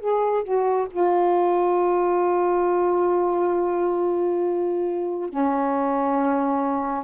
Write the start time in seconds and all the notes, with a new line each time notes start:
0.00 G#4
0.44 F#4
0.91 F4
5.30 C#4